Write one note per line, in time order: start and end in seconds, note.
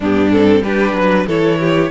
0.00 0.62 G2
0.00 0.32 B3
0.00 0.63 D4
0.00 0.32 G4
0.32 0.64 C4
0.32 0.63 A4
0.62 0.93 G3
0.62 1.28 D4
0.62 0.95 G4
0.62 1.27 B4
0.93 1.25 F#3
0.93 1.27 B4
1.26 1.90 E3
1.26 1.90 E4
1.26 1.59 A4
1.26 1.90 C#5
1.59 1.90 G4